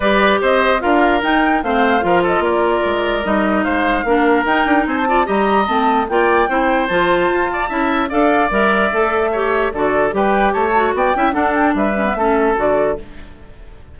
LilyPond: <<
  \new Staff \with { instrumentName = "flute" } { \time 4/4 \tempo 4 = 148 d''4 dis''4 f''4 g''4 | f''4. dis''8 d''2 | dis''4 f''2 g''4 | gis''16 a''8. ais''4 a''4 g''4~ |
g''4 a''2. | f''4 e''2. | d''4 g''4 a''4 g''4 | fis''8 g''8 e''2 d''4 | }
  \new Staff \with { instrumentName = "oboe" } { \time 4/4 b'4 c''4 ais'2 | c''4 ais'8 a'8 ais'2~ | ais'4 c''4 ais'2 | c''8 d''8 dis''2 d''4 |
c''2~ c''8 d''8 e''4 | d''2. cis''4 | a'4 b'4 cis''4 d''8 e''8 | a'4 b'4 a'2 | }
  \new Staff \with { instrumentName = "clarinet" } { \time 4/4 g'2 f'4 dis'4 | c'4 f'2. | dis'2 d'4 dis'4~ | dis'8 f'8 g'4 c'4 f'4 |
e'4 f'2 e'4 | a'4 ais'4 a'4 g'4 | fis'4 g'4. fis'4 e'8 | d'4. cis'16 b16 cis'4 fis'4 | }
  \new Staff \with { instrumentName = "bassoon" } { \time 4/4 g4 c'4 d'4 dis'4 | a4 f4 ais4 gis4 | g4 gis4 ais4 dis'8 d'8 | c'4 g4 a4 ais4 |
c'4 f4 f'4 cis'4 | d'4 g4 a2 | d4 g4 a4 b8 cis'8 | d'4 g4 a4 d4 | }
>>